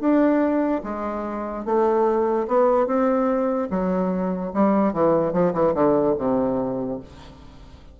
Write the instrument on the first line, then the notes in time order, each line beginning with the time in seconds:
bassoon
0.00 D4
0.84 G#3
1.65 A3
2.47 B3
2.87 C4
3.70 F#3
4.54 G3
4.93 E3
5.33 F3
5.54 E3
5.74 D3
6.18 C3